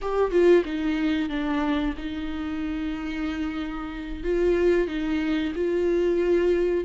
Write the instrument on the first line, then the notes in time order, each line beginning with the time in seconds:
viola
0.01 G4
0.31 F4
0.64 D#4
1.29 D4
1.97 D#4
4.23 F4
4.87 D#4
5.55 F4